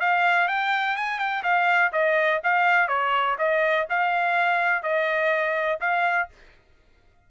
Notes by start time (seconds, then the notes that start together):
0.00 F5
0.48 G5
0.97 G#5
1.19 G5
1.44 F5
1.92 D#5
2.44 F5
2.88 C#5
3.39 D#5
3.90 F5
4.83 D#5
5.81 F5